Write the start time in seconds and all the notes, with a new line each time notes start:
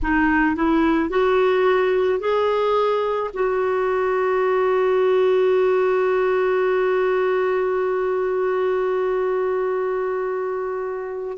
0.02 D#4
0.55 E4
1.09 F#4
2.19 G#4
3.33 F#4